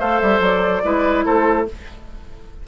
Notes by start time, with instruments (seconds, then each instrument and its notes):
0.00 bassoon A3, clarinet A4, oboe C5, flute F5
0.21 bassoon G3, flute E5
0.40 bassoon F#3, flute D5
0.84 bassoon G#3, clarinet E4, oboe B4
1.26 bassoon A3, oboe A4, flute C5